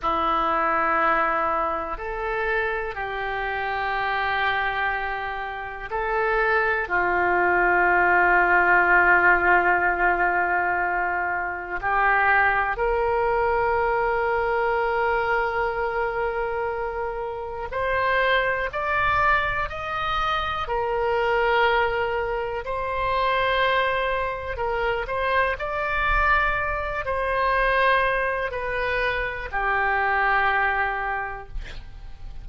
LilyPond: \new Staff \with { instrumentName = "oboe" } { \time 4/4 \tempo 4 = 61 e'2 a'4 g'4~ | g'2 a'4 f'4~ | f'1 | g'4 ais'2.~ |
ais'2 c''4 d''4 | dis''4 ais'2 c''4~ | c''4 ais'8 c''8 d''4. c''8~ | c''4 b'4 g'2 | }